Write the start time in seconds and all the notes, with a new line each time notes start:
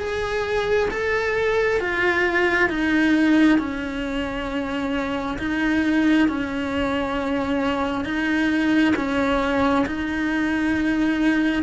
0.00 G#4
0.91 A4
1.81 F4
2.70 D#4
3.59 C#4
5.39 D#4
6.28 C#4
8.05 D#4
8.96 C#4
9.87 D#4